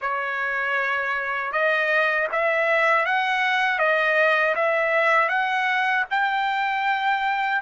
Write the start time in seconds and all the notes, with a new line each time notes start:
0.01 C#5
1.52 D#5
2.32 E5
3.05 F#5
3.78 D#5
4.55 E5
5.29 F#5
6.10 G5